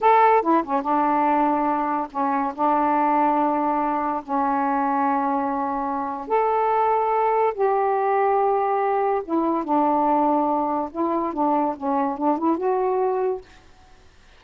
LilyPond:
\new Staff \with { instrumentName = "saxophone" } { \time 4/4 \tempo 4 = 143 a'4 e'8 cis'8 d'2~ | d'4 cis'4 d'2~ | d'2 cis'2~ | cis'2. a'4~ |
a'2 g'2~ | g'2 e'4 d'4~ | d'2 e'4 d'4 | cis'4 d'8 e'8 fis'2 | }